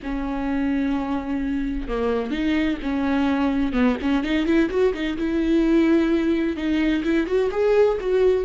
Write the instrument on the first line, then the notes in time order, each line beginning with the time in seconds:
viola
0.02 C#4
1.87 A#3
2.30 D#4
2.82 C#4
3.73 B3
4.01 C#4
4.23 D#4
4.45 E4
4.70 F#4
4.93 D#4
5.17 E4
6.56 D#4
7.04 E4
7.26 F#4
7.51 G#4
8.00 F#4